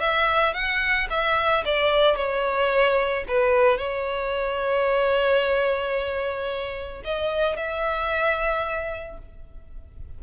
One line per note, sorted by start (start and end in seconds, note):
0.00 0.54 E5
0.54 1.08 F#5
1.10 1.64 E5
1.65 2.16 D5
2.16 3.24 C#5
3.28 3.78 B4
3.78 7.02 C#5
7.04 7.56 D#5
7.56 9.18 E5